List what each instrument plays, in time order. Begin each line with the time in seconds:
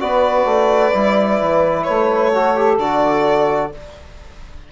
0.00 bassoon B3, trombone F#4, saxophone B4, violin D5
0.45 bassoon A3
0.94 bassoon G3, trombone E4
1.41 bassoon E3
1.83 bassoon A3, violin C#5
2.34 trombone F#4, saxophone A4
2.56 trombone G4
2.78 bassoon D3, trombone F#4, violin D5